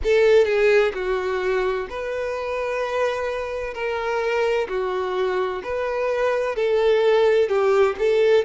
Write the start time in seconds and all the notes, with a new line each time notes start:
0.03 A4
0.45 G#4
0.94 F#4
1.89 B4
3.74 A#4
4.68 F#4
5.63 B4
6.55 A4
7.48 G4
7.98 A4